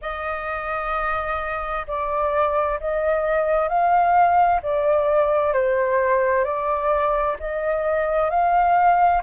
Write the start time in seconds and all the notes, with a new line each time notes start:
0.01 D#5
1.87 D5
2.79 D#5
3.68 F5
4.62 D5
5.53 C5
6.44 D5
7.39 D#5
8.30 F5